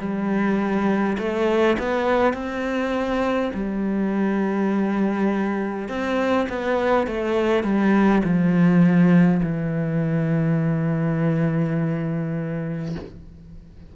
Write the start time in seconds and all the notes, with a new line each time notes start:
0.00 G3
1.19 A3
1.79 B3
2.34 C4
3.55 G3
5.89 C4
6.50 B3
7.07 A3
7.64 G3
8.24 F3
9.43 E3